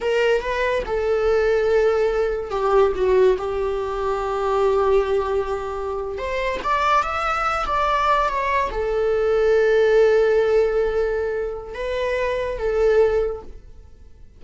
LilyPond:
\new Staff \with { instrumentName = "viola" } { \time 4/4 \tempo 4 = 143 ais'4 b'4 a'2~ | a'2 g'4 fis'4 | g'1~ | g'2~ g'8. c''4 d''16~ |
d''8. e''4. d''4. cis''16~ | cis''8. a'2.~ a'16~ | a'1 | b'2 a'2 | }